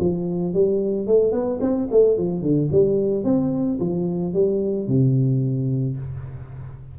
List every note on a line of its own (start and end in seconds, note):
0.00 0.54 F3
0.54 1.07 G3
1.07 1.32 A3
1.32 1.60 B3
1.61 1.88 C4
1.92 2.18 A3
2.18 2.42 F3
2.42 2.70 D3
2.72 3.25 G3
3.25 3.79 C4
3.80 4.34 F3
4.34 4.88 G3
4.88 5.97 C3